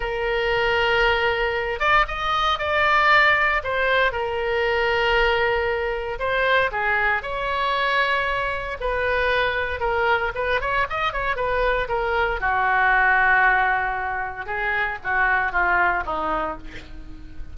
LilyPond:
\new Staff \with { instrumentName = "oboe" } { \time 4/4 \tempo 4 = 116 ais'2.~ ais'8 d''8 | dis''4 d''2 c''4 | ais'1 | c''4 gis'4 cis''2~ |
cis''4 b'2 ais'4 | b'8 cis''8 dis''8 cis''8 b'4 ais'4 | fis'1 | gis'4 fis'4 f'4 dis'4 | }